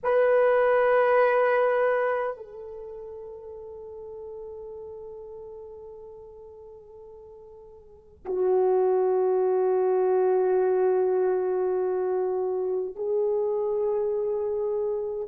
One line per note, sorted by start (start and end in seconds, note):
0.03 2.36 B4
2.36 8.25 A4
8.25 12.95 F#4
12.95 15.28 G#4